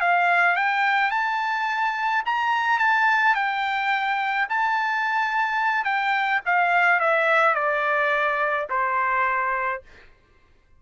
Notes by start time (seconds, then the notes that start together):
0.00 F5
0.56 G5
1.11 A5
2.25 A#5
2.78 A5
3.35 G5
4.49 A5
5.84 G5
6.45 F5
7.00 E5
7.55 D5
8.69 C5